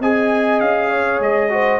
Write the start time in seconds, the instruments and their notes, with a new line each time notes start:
0.00 tuba C4, trombone G#4, horn D#5, trumpet G#5
0.60 tuba C#4, trumpet F5
0.89 horn C#5
1.20 tuba G#3, trumpet D#5
1.49 trombone F#4, horn C5